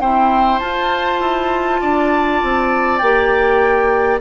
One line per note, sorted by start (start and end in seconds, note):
0.00 0.60 C4
0.00 0.61 E4
0.00 1.81 C5
0.00 0.59 G5
0.59 3.01 F4
0.59 1.20 F4
0.59 2.98 A5
1.20 1.80 E4
1.81 2.42 D4
1.81 4.21 D5
2.43 3.02 C4
2.98 4.21 A#3
2.98 4.21 G4
2.98 4.18 G5